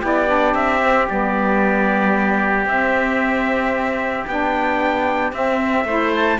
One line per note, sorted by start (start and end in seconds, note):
0.00 0.54 B3
0.00 0.26 E4
0.00 5.84 G4
0.00 0.54 D5
0.26 0.79 D4
0.54 1.07 C4
0.54 1.07 E5
0.82 1.08 C4
1.09 2.65 G3
1.09 2.67 B3
1.09 2.68 D5
2.65 4.24 C4
2.65 4.26 C4
2.65 4.27 E5
4.26 5.32 B3
4.26 5.32 D4
4.26 5.34 G5
5.32 5.84 C4
5.32 5.85 C4
5.32 6.13 E5
5.84 6.37 A3
5.84 6.39 E4
5.84 6.39 C5
6.16 6.39 A5